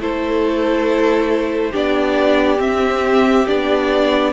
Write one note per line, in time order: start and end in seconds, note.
0.00 1.74 A3
0.00 1.73 E4
0.00 1.71 A4
0.00 1.75 C5
1.71 2.59 B3
1.71 2.58 D4
1.71 4.32 G4
1.71 2.61 D5
2.58 3.45 C4
2.58 3.46 C4
2.58 3.47 E5
3.47 4.33 B3
3.47 4.33 D4
3.47 4.33 D5